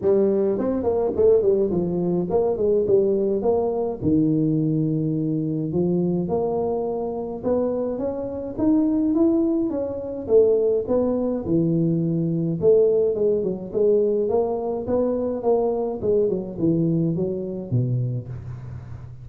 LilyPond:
\new Staff \with { instrumentName = "tuba" } { \time 4/4 \tempo 4 = 105 g4 c'8 ais8 a8 g8 f4 | ais8 gis8 g4 ais4 dis4~ | dis2 f4 ais4~ | ais4 b4 cis'4 dis'4 |
e'4 cis'4 a4 b4 | e2 a4 gis8 fis8 | gis4 ais4 b4 ais4 | gis8 fis8 e4 fis4 b,4 | }